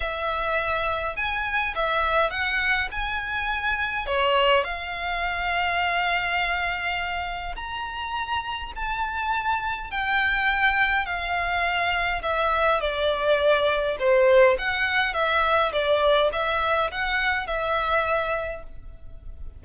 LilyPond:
\new Staff \with { instrumentName = "violin" } { \time 4/4 \tempo 4 = 103 e''2 gis''4 e''4 | fis''4 gis''2 cis''4 | f''1~ | f''4 ais''2 a''4~ |
a''4 g''2 f''4~ | f''4 e''4 d''2 | c''4 fis''4 e''4 d''4 | e''4 fis''4 e''2 | }